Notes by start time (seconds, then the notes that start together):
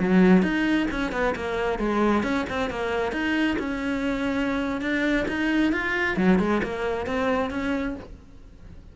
0.00 F#3
0.43 D#4
0.91 C#4
1.12 B3
1.36 A#3
1.79 G#3
2.23 C#4
2.50 C4
2.70 A#3
3.12 D#4
3.59 C#4
4.81 D4
5.28 D#4
5.73 F4
6.17 F#3
6.40 G#3
6.64 A#3
7.07 C4
7.51 C#4